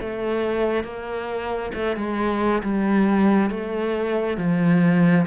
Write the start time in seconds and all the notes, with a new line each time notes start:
0.00 A3
0.84 A#3
1.74 A3
1.96 G#3
2.63 G3
3.50 A3
4.38 F3